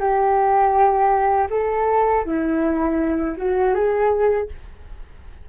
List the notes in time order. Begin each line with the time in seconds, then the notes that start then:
0.00 G4
1.51 A4
2.25 E4
3.37 F#4
3.74 G#4